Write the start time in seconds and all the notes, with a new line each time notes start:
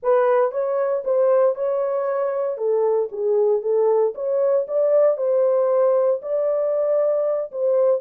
0.03 B4
0.51 C#5
1.04 C5
1.55 C#5
2.57 A4
3.11 G#4
3.61 A4
4.14 C#5
4.67 D5
5.17 C5
6.21 D5
7.51 C5